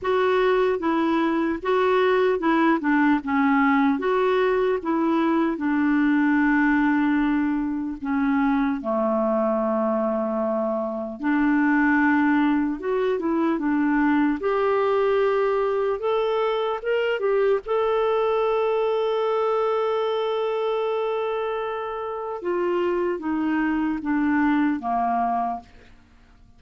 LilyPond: \new Staff \with { instrumentName = "clarinet" } { \time 4/4 \tempo 4 = 75 fis'4 e'4 fis'4 e'8 d'8 | cis'4 fis'4 e'4 d'4~ | d'2 cis'4 a4~ | a2 d'2 |
fis'8 e'8 d'4 g'2 | a'4 ais'8 g'8 a'2~ | a'1 | f'4 dis'4 d'4 ais4 | }